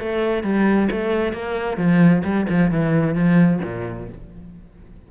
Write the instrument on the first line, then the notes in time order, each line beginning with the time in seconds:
cello
0.00 A3
0.44 G3
0.92 A3
1.33 A#3
1.78 F3
2.24 G3
2.49 F3
2.71 E3
3.15 F3
3.64 A#2